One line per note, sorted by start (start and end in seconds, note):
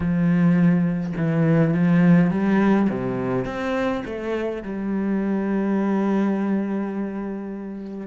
0.00 1.13 F3
1.17 1.73 E3
1.73 2.31 F3
2.31 2.88 G3
2.89 3.45 C3
3.45 4.03 C4
4.05 4.63 A3
4.63 8.07 G3